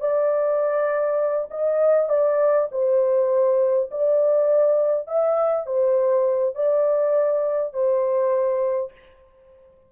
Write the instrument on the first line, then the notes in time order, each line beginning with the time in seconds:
horn
0.00 D5
1.50 D#5
2.09 D5
2.71 C5
3.91 D5
5.07 E5
5.66 C5
6.55 D5
7.73 C5